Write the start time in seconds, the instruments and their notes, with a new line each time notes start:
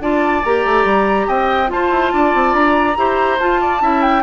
0.00 bassoon D4, clarinet F4, oboe D5, flute A5
0.44 bassoon A#3, clarinet G4, flute A#5
0.65 bassoon A3
0.84 bassoon G3
1.27 bassoon C4, oboe D#5, flute G5
1.67 clarinet F4, bassoon F4, oboe C5, flute A5
1.90 bassoon E4
2.13 bassoon D4, oboe D5
2.34 bassoon C4
2.53 bassoon D4, flute A#5
2.96 bassoon E4, clarinet G4, oboe C5
3.39 bassoon F4, clarinet F4, flute A5
3.61 oboe D5
3.80 bassoon C#4, clarinet E4, oboe E5
4.02 flute G5